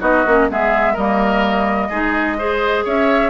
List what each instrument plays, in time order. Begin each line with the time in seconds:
0.00 bassoon B3, clarinet D#4, oboe F#4, flute D#5
0.26 bassoon A#3, clarinet C#4
0.49 bassoon G#3, clarinet B3, oboe G#4, flute E5
0.93 bassoon G3, clarinet A#3, oboe A#4, flute D#5
1.89 bassoon G#3, clarinet D#4, oboe G#4
2.37 clarinet G#4, oboe C5
2.84 bassoon C#4, oboe C#5, flute E5